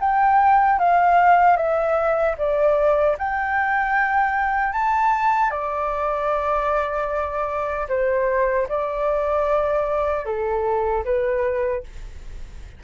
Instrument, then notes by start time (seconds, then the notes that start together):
flute
0.00 G5
0.79 F5
1.56 E5
2.38 D5
3.18 G5
4.73 A5
5.51 D5
7.89 C5
8.69 D5
10.26 A4
11.05 B4